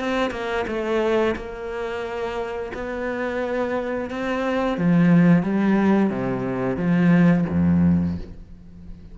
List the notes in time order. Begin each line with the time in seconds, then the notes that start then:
0.00 C4
0.31 A#3
0.68 A3
1.36 A#3
2.75 B3
4.11 C4
4.78 F3
5.43 G3
6.11 C3
6.77 F3
7.50 F2